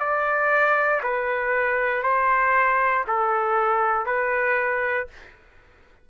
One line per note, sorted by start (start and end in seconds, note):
0.00 1.02 D5
1.03 2.03 B4
2.03 3.05 C5
3.07 4.06 A4
4.06 5.08 B4